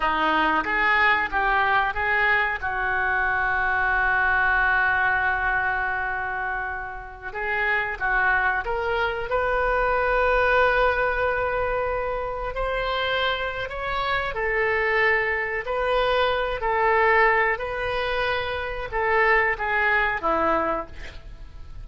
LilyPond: \new Staff \with { instrumentName = "oboe" } { \time 4/4 \tempo 4 = 92 dis'4 gis'4 g'4 gis'4 | fis'1~ | fis'2.~ fis'16 gis'8.~ | gis'16 fis'4 ais'4 b'4.~ b'16~ |
b'2.~ b'16 c''8.~ | c''4 cis''4 a'2 | b'4. a'4. b'4~ | b'4 a'4 gis'4 e'4 | }